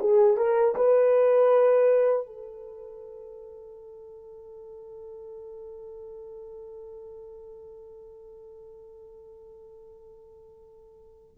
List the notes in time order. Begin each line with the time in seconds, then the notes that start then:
0.00 G#4
0.37 A#4
0.76 B4
2.26 A4